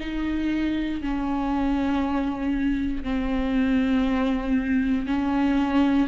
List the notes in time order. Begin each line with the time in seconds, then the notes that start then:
0.00 D#4
1.01 C#4
3.04 C4
5.07 C#4